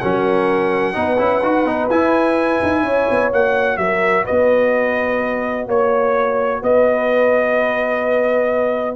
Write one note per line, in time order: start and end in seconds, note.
0.00 0.96 F#3
0.00 0.94 C#4
0.00 0.96 A#4
0.00 1.89 F#5
0.94 1.19 B3
0.94 1.18 D#4
0.94 2.83 B4
1.18 1.43 C#4
1.18 1.42 E4
1.43 1.66 D#4
1.43 1.67 F#4
1.66 1.89 B3
1.66 1.90 D#4
1.90 2.61 E4
1.90 3.33 E4
1.90 3.32 G#5
2.63 2.83 D#4
2.83 3.07 C#4
2.83 3.78 C#5
3.11 3.33 B3
3.33 3.78 A#3
3.33 8.96 F#4
3.33 3.78 F#5
3.78 4.25 F#3
3.78 4.24 A#4
3.78 4.25 E5
4.24 5.66 B4
4.24 5.68 D#5
4.31 5.68 B3
5.68 6.62 A#3
5.68 6.62 C#5
5.68 6.64 C#5
6.62 8.96 B3
6.62 8.96 B4
6.62 8.96 D#5